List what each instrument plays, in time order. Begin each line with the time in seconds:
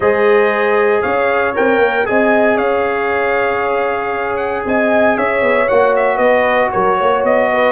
0.00 tuba G#3, trombone G#4, horn C5, trumpet D#5
1.01 tuba C#4, horn C#5, trumpet F5
1.54 tuba C4, trombone A#4, trumpet G5
1.78 tuba A#3
2.05 tuba C4, trombone G#4, horn D#5, trumpet G#5
2.56 tuba C#4, horn C#5, trumpet F5
4.36 trumpet F#5
4.65 tuba C4, horn D#5, trumpet G#5
5.17 tuba C#4, horn C#5, trumpet E5
5.41 tuba B3
5.68 tuba A#3, trombone F#4, trumpet F#5
5.96 trumpet E5
6.16 tuba B3, horn B4, trumpet D#5
6.71 tuba F#3, horn A#4, trumpet C#5
6.98 tuba A#3, horn C#5
7.23 tuba B3, trumpet D#5
7.51 horn B4